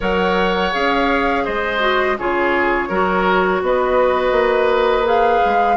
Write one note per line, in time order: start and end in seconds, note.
0.00 0.73 F#3
0.00 0.72 A#4
0.00 1.43 C#5
0.00 0.73 F#5
0.72 1.46 C#4
0.72 1.79 G#4
0.72 1.45 F5
1.45 2.19 G#3
1.45 2.17 C5
1.45 2.17 D#5
1.79 2.15 F#4
2.18 2.89 C#3
2.18 2.90 F4
2.18 2.88 G#4
2.18 3.62 C#5
2.88 3.61 F#3
2.88 5.04 F#4
2.88 3.61 A#4
3.61 4.31 B3
3.61 5.77 B4
3.61 5.07 D#5
4.31 5.39 A#3
5.04 5.76 G#4
5.04 5.77 F5
5.45 5.77 G#3